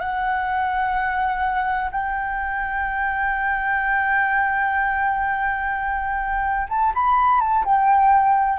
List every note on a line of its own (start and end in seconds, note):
0.00 1.90 F#5
1.91 6.68 G5
6.69 6.93 A5
6.94 7.41 B5
7.41 7.65 A5
7.65 8.59 G5